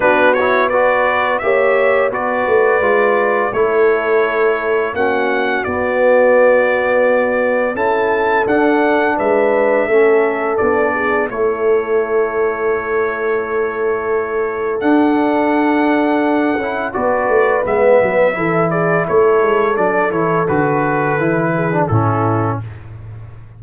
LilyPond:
<<
  \new Staff \with { instrumentName = "trumpet" } { \time 4/4 \tempo 4 = 85 b'8 cis''8 d''4 e''4 d''4~ | d''4 cis''2 fis''4 | d''2. a''4 | fis''4 e''2 d''4 |
cis''1~ | cis''4 fis''2. | d''4 e''4. d''8 cis''4 | d''8 cis''8 b'2 a'4 | }
  \new Staff \with { instrumentName = "horn" } { \time 4/4 fis'4 b'4 cis''4 b'4~ | b'4 a'2 fis'4~ | fis'2. a'4~ | a'4 b'4 a'4. gis'8 |
a'1~ | a'1 | b'2 a'8 gis'8 a'4~ | a'2~ a'8 gis'8 e'4 | }
  \new Staff \with { instrumentName = "trombone" } { \time 4/4 d'8 e'8 fis'4 g'4 fis'4 | f'4 e'2 cis'4 | b2. e'4 | d'2 cis'4 d'4 |
e'1~ | e'4 d'2~ d'8 e'8 | fis'4 b4 e'2 | d'8 e'8 fis'4 e'8. d'16 cis'4 | }
  \new Staff \with { instrumentName = "tuba" } { \time 4/4 b2 ais4 b8 a8 | gis4 a2 ais4 | b2. cis'4 | d'4 gis4 a4 b4 |
a1~ | a4 d'2~ d'8 cis'8 | b8 a8 gis8 fis8 e4 a8 gis8 | fis8 e8 d4 e4 a,4 | }
>>